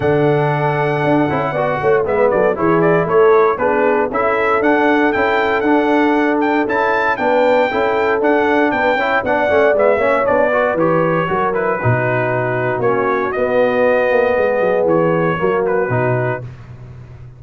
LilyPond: <<
  \new Staff \with { instrumentName = "trumpet" } { \time 4/4 \tempo 4 = 117 fis''1 | e''8 d''8 cis''8 d''8 cis''4 b'4 | e''4 fis''4 g''4 fis''4~ | fis''8 g''8 a''4 g''2 |
fis''4 g''4 fis''4 e''4 | d''4 cis''4. b'4.~ | b'4 cis''4 dis''2~ | dis''4 cis''4. b'4. | }
  \new Staff \with { instrumentName = "horn" } { \time 4/4 a'2. d''8 cis''8 | b'8 a'8 gis'4 a'4 gis'4 | a'1~ | a'2 b'4 a'4~ |
a'4 b'8 cis''8 d''4. cis''8~ | cis''8 b'4. ais'4 fis'4~ | fis'1 | gis'2 fis'2 | }
  \new Staff \with { instrumentName = "trombone" } { \time 4/4 d'2~ d'8 e'8 fis'4 | b4 e'2 d'4 | e'4 d'4 e'4 d'4~ | d'4 e'4 d'4 e'4 |
d'4. e'8 d'8 cis'8 b8 cis'8 | d'8 fis'8 g'4 fis'8 e'8 dis'4~ | dis'4 cis'4 b2~ | b2 ais4 dis'4 | }
  \new Staff \with { instrumentName = "tuba" } { \time 4/4 d2 d'8 cis'8 b8 a8 | gis8 fis8 e4 a4 b4 | cis'4 d'4 cis'4 d'4~ | d'4 cis'4 b4 cis'4 |
d'4 b8 cis'8 b8 a8 gis8 ais8 | b4 e4 fis4 b,4~ | b,4 ais4 b4. ais8 | gis8 fis8 e4 fis4 b,4 | }
>>